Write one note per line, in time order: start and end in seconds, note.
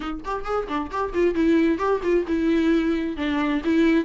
0.00 0.21 D#4
0.25 0.44 G4
0.44 0.67 G#4
0.68 0.90 D4
0.90 1.13 G4
1.13 1.34 F4
1.34 1.78 E4
1.78 2.01 G4
2.03 2.25 F4
2.27 3.16 E4
3.16 3.62 D4
3.64 4.05 E4